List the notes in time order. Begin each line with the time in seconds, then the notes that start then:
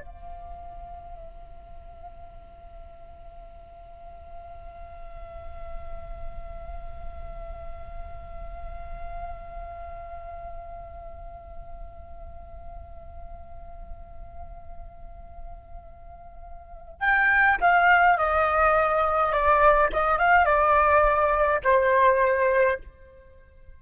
0.00 F5
17.00 G5
17.60 F5
18.17 D#5
19.32 D5
19.92 D#5
20.18 F5
20.45 D5
21.63 C5